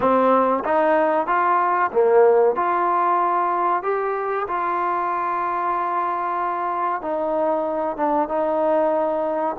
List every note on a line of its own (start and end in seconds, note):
0.00 0.63 C4
0.64 1.26 D#4
1.26 1.90 F4
1.91 2.55 A#3
2.55 3.83 F4
3.83 4.47 G4
4.47 7.01 F4
7.01 7.96 D#4
7.96 8.28 D4
8.28 9.56 D#4